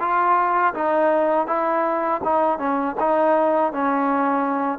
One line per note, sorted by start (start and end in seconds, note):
0.00 0.74 F4
0.74 1.47 D#4
1.47 2.21 E4
2.24 2.59 D#4
2.59 2.96 C#4
3.00 3.73 D#4
3.73 4.79 C#4